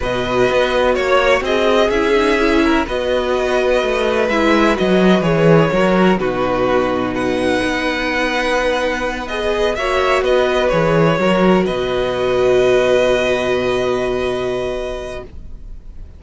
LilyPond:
<<
  \new Staff \with { instrumentName = "violin" } { \time 4/4 \tempo 4 = 126 dis''2 cis''4 dis''4 | e''2 dis''2~ | dis''4 e''4 dis''4 cis''4~ | cis''4 b'2 fis''4~ |
fis''2.~ fis''8 dis''8~ | dis''8 e''4 dis''4 cis''4.~ | cis''8 dis''2.~ dis''8~ | dis''1 | }
  \new Staff \with { instrumentName = "violin" } { \time 4/4 b'2 cis''4 gis'4~ | gis'4. ais'8 b'2~ | b'1 | ais'4 fis'2 b'4~ |
b'1~ | b'8 cis''4 b'2 ais'8~ | ais'8 b'2.~ b'8~ | b'1 | }
  \new Staff \with { instrumentName = "viola" } { \time 4/4 fis'1 | e'8 dis'8 e'4 fis'2~ | fis'4 e'4 fis'4 gis'4 | fis'4 dis'2.~ |
dis'2.~ dis'8 gis'8~ | gis'8 fis'2 gis'4 fis'8~ | fis'1~ | fis'1 | }
  \new Staff \with { instrumentName = "cello" } { \time 4/4 b,4 b4 ais4 c'4 | cis'2 b2 | a4 gis4 fis4 e4 | fis4 b,2. |
b1~ | b8 ais4 b4 e4 fis8~ | fis8 b,2.~ b,8~ | b,1 | }
>>